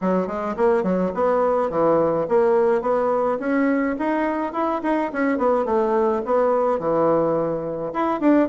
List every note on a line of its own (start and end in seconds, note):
0.01 0.27 F#3
0.27 0.55 G#3
0.56 0.83 A#3
0.83 1.11 F#3
1.14 1.70 B3
1.70 2.26 E3
2.28 2.81 A#3
2.81 3.38 B3
3.39 3.95 C#4
3.98 4.52 D#4
4.52 4.81 E4
4.82 5.11 D#4
5.12 5.38 C#4
5.38 5.65 B3
5.65 6.21 A3
6.25 6.79 B3
6.79 7.92 E3
7.93 8.20 E4
8.20 8.48 D4